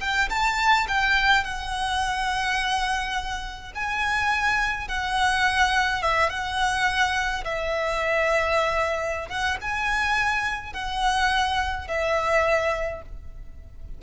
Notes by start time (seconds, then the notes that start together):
0.00 G5
0.29 A5
0.88 G5
1.44 F#5
3.75 G#5
4.88 F#5
6.02 E5
6.29 F#5
7.44 E5
9.29 F#5
9.61 G#5
10.73 F#5
11.88 E5